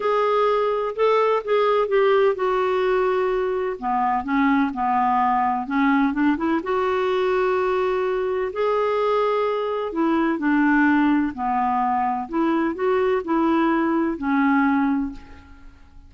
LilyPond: \new Staff \with { instrumentName = "clarinet" } { \time 4/4 \tempo 4 = 127 gis'2 a'4 gis'4 | g'4 fis'2. | b4 cis'4 b2 | cis'4 d'8 e'8 fis'2~ |
fis'2 gis'2~ | gis'4 e'4 d'2 | b2 e'4 fis'4 | e'2 cis'2 | }